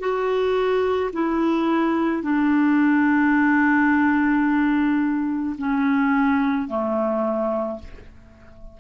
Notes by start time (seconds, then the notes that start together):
0.00 F#4
1.13 E4
2.23 D4
5.59 C#4
6.68 A3